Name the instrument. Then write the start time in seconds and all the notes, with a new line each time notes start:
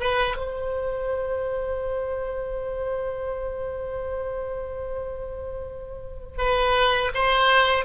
oboe
0.00 B4
0.37 C5
6.38 B4
7.14 C5